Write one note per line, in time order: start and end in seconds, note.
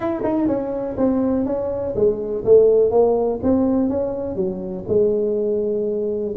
0.00 0.22 E4
0.23 0.47 D#4
0.47 0.96 C#4
0.97 1.45 C4
1.45 1.94 C#4
1.95 2.44 G#3
2.44 2.90 A3
2.90 3.39 A#3
3.42 3.89 C4
3.89 4.35 C#4
4.35 4.84 F#3
4.88 6.34 G#3